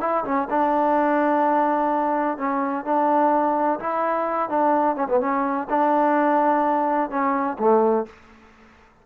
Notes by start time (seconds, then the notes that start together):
0.00 E4
0.24 C#4
0.50 D4
2.37 C#4
2.84 D4
3.79 E4
4.49 D4
4.95 C#4
5.08 B3
5.20 C#4
5.69 D4
7.10 C#4
7.58 A3